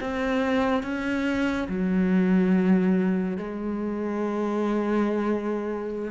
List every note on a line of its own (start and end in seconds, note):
0.00 0.83 C4
0.83 1.67 C#4
1.68 3.37 F#3
3.37 6.11 G#3